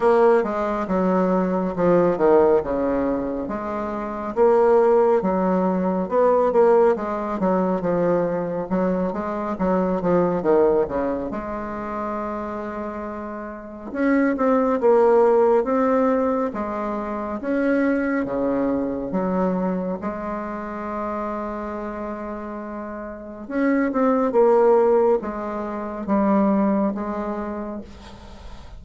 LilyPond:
\new Staff \with { instrumentName = "bassoon" } { \time 4/4 \tempo 4 = 69 ais8 gis8 fis4 f8 dis8 cis4 | gis4 ais4 fis4 b8 ais8 | gis8 fis8 f4 fis8 gis8 fis8 f8 | dis8 cis8 gis2. |
cis'8 c'8 ais4 c'4 gis4 | cis'4 cis4 fis4 gis4~ | gis2. cis'8 c'8 | ais4 gis4 g4 gis4 | }